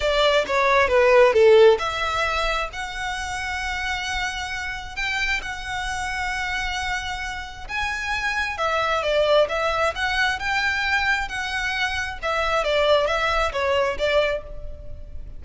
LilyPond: \new Staff \with { instrumentName = "violin" } { \time 4/4 \tempo 4 = 133 d''4 cis''4 b'4 a'4 | e''2 fis''2~ | fis''2. g''4 | fis''1~ |
fis''4 gis''2 e''4 | d''4 e''4 fis''4 g''4~ | g''4 fis''2 e''4 | d''4 e''4 cis''4 d''4 | }